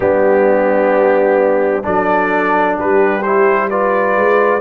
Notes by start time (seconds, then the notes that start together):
0.00 G3 B3 D4 G4
1.83 F#3 D4 A4 D5
2.78 G3 G4 B4
3.22 E4 C5
3.69 F4 B4 D5
4.16 G#3